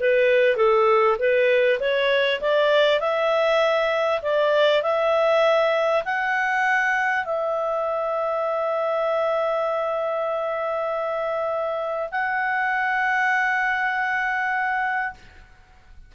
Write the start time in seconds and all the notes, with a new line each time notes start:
0.00 B4
0.56 A4
1.18 B4
1.80 C#5
2.41 D5
3.00 E5
4.22 D5
4.82 E5
6.04 F#5
7.24 E5
12.11 F#5